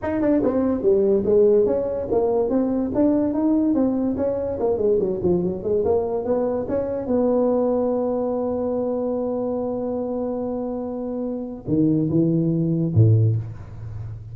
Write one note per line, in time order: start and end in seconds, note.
0.02 0.21 D#4
0.21 0.42 D4
0.43 0.81 C4
0.81 1.23 G3
1.25 1.66 G#3
1.66 2.07 C#4
2.11 2.49 A#3
2.49 2.91 C4
2.94 3.33 D4
3.33 3.74 D#4
3.74 4.16 C4
4.16 4.58 C#4
4.59 4.77 A#3
4.77 4.98 G#3
4.99 5.20 F#3
5.22 5.43 F3
5.43 5.63 F#3
5.63 5.84 G#3
5.84 6.24 A#3
6.24 6.66 B3
6.68 7.06 C#4
7.06 11.65 B3
11.67 12.09 D#3
12.09 12.93 E3
12.94 13.35 A2